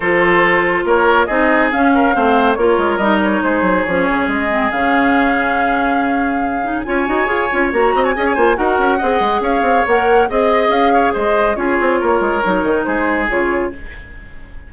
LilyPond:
<<
  \new Staff \with { instrumentName = "flute" } { \time 4/4 \tempo 4 = 140 c''2 cis''4 dis''4 | f''2 cis''4 dis''8 cis''8 | c''4 cis''4 dis''4 f''4~ | f''1 |
gis''2 ais''8. gis''4~ gis''16 | fis''2 f''4 fis''4 | dis''4 f''4 dis''4 cis''4~ | cis''2 c''4 cis''4 | }
  \new Staff \with { instrumentName = "oboe" } { \time 4/4 a'2 ais'4 gis'4~ | gis'8 ais'8 c''4 ais'2 | gis'1~ | gis'1 |
cis''2~ cis''8 dis''16 cis''16 dis''16 cis''16 c''8 | ais'4 dis''4 cis''2 | dis''4. cis''8 c''4 gis'4 | ais'2 gis'2 | }
  \new Staff \with { instrumentName = "clarinet" } { \time 4/4 f'2. dis'4 | cis'4 c'4 f'4 dis'4~ | dis'4 cis'4. c'8 cis'4~ | cis'2.~ cis'8 dis'8 |
f'8 fis'8 gis'8 f'8 fis'4 gis'8 f'8 | fis'4 gis'2 ais'4 | gis'2. f'4~ | f'4 dis'2 f'4 | }
  \new Staff \with { instrumentName = "bassoon" } { \time 4/4 f2 ais4 c'4 | cis'4 a4 ais8 gis8 g4 | gis8 fis8 f8 cis8 gis4 cis4~ | cis1 |
cis'8 dis'8 f'8 cis'8 ais8 c'8 cis'8 ais8 | dis'8 cis'8 c'8 gis8 cis'8 c'8 ais4 | c'4 cis'4 gis4 cis'8 c'8 | ais8 gis8 fis8 dis8 gis4 cis4 | }
>>